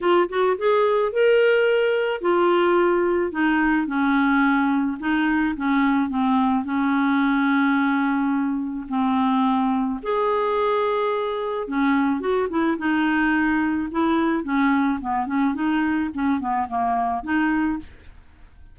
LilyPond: \new Staff \with { instrumentName = "clarinet" } { \time 4/4 \tempo 4 = 108 f'8 fis'8 gis'4 ais'2 | f'2 dis'4 cis'4~ | cis'4 dis'4 cis'4 c'4 | cis'1 |
c'2 gis'2~ | gis'4 cis'4 fis'8 e'8 dis'4~ | dis'4 e'4 cis'4 b8 cis'8 | dis'4 cis'8 b8 ais4 dis'4 | }